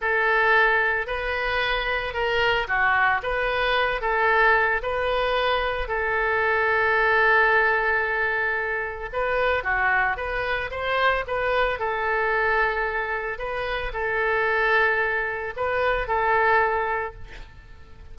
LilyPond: \new Staff \with { instrumentName = "oboe" } { \time 4/4 \tempo 4 = 112 a'2 b'2 | ais'4 fis'4 b'4. a'8~ | a'4 b'2 a'4~ | a'1~ |
a'4 b'4 fis'4 b'4 | c''4 b'4 a'2~ | a'4 b'4 a'2~ | a'4 b'4 a'2 | }